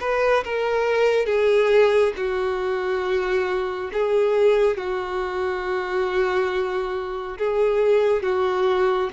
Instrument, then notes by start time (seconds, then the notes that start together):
violin
0.00 B4
0.44 A#4
1.26 G#4
2.17 F#4
3.93 G#4
4.77 F#4
7.38 G#4
8.23 F#4